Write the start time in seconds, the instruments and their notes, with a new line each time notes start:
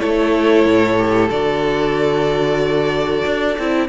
0.00 cello A3, viola E4, violin A4 C#5
0.66 cello A2
0.99 viola G4
1.31 cello D3, viola F#4, violin D5
3.26 cello D4
3.59 cello C4, viola E4